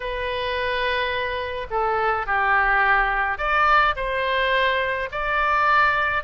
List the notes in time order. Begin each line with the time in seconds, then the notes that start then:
0.00 B4
1.70 A4
2.26 G4
3.38 D5
3.95 C5
5.11 D5